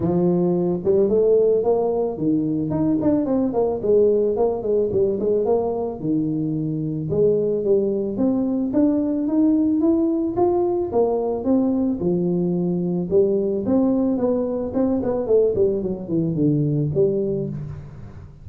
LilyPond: \new Staff \with { instrumentName = "tuba" } { \time 4/4 \tempo 4 = 110 f4. g8 a4 ais4 | dis4 dis'8 d'8 c'8 ais8 gis4 | ais8 gis8 g8 gis8 ais4 dis4~ | dis4 gis4 g4 c'4 |
d'4 dis'4 e'4 f'4 | ais4 c'4 f2 | g4 c'4 b4 c'8 b8 | a8 g8 fis8 e8 d4 g4 | }